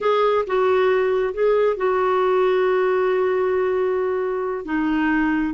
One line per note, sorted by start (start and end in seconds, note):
0.00 0.45 G#4
0.46 1.33 F#4
1.33 1.76 G#4
1.76 4.65 F#4
4.65 5.54 D#4